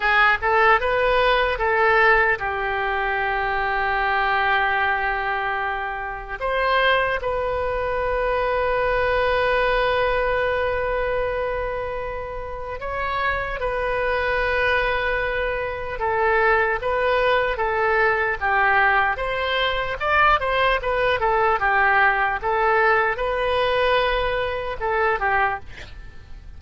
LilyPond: \new Staff \with { instrumentName = "oboe" } { \time 4/4 \tempo 4 = 75 gis'8 a'8 b'4 a'4 g'4~ | g'1 | c''4 b'2.~ | b'1 |
cis''4 b'2. | a'4 b'4 a'4 g'4 | c''4 d''8 c''8 b'8 a'8 g'4 | a'4 b'2 a'8 g'8 | }